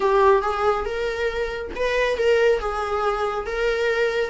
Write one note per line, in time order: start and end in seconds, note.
0.00 0.42 G4
0.42 0.85 G#4
0.85 1.71 A#4
1.75 2.17 B4
2.17 2.59 A#4
2.59 3.45 G#4
3.46 4.30 A#4